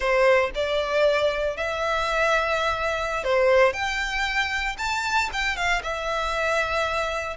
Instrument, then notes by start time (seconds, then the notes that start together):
violin
0.00 C5
0.54 D5
1.57 E5
3.24 C5
3.73 G5
4.78 A5
5.32 G5
5.56 F5
5.82 E5